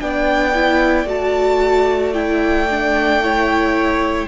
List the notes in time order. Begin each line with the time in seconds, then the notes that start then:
0.00 B3 D4 D5 G5
0.54 E4
1.04 A3 F#4 A5
2.13 E4 G5
2.70 D4
3.22 E4 C#5